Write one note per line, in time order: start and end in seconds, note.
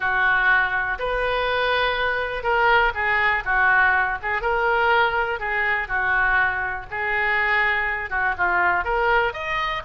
0.00 0.98 F#4
0.99 2.43 B4
2.43 2.92 A#4
2.94 3.43 G#4
3.44 4.18 F#4
4.22 4.41 G#4
4.41 5.39 A#4
5.39 5.88 G#4
5.88 6.86 F#4
6.91 8.10 G#4
8.10 8.34 F#4
8.37 8.84 F4
8.84 9.33 A#4
9.33 9.82 D#5